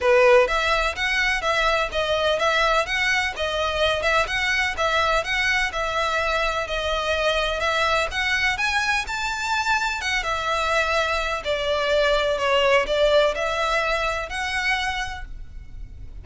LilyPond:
\new Staff \with { instrumentName = "violin" } { \time 4/4 \tempo 4 = 126 b'4 e''4 fis''4 e''4 | dis''4 e''4 fis''4 dis''4~ | dis''8 e''8 fis''4 e''4 fis''4 | e''2 dis''2 |
e''4 fis''4 gis''4 a''4~ | a''4 fis''8 e''2~ e''8 | d''2 cis''4 d''4 | e''2 fis''2 | }